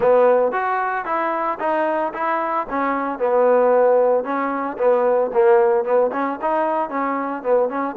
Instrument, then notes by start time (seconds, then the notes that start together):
trombone
0.00 B3
0.52 F#4
1.05 E4
1.59 D#4
2.13 E4
2.69 C#4
3.18 B3
4.24 C#4
4.77 B3
5.33 A#3
5.84 B3
6.12 C#4
6.41 D#4
6.89 C#4
7.42 B3
7.69 C#4